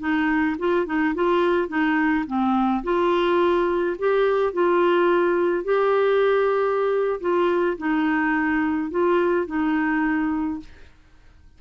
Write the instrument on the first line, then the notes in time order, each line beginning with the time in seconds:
clarinet
0.00 D#4
0.59 F4
0.86 D#4
1.15 F4
1.69 D#4
2.27 C4
2.84 F4
3.99 G4
4.54 F4
5.65 G4
7.21 F4
7.78 D#4
8.91 F4
9.47 D#4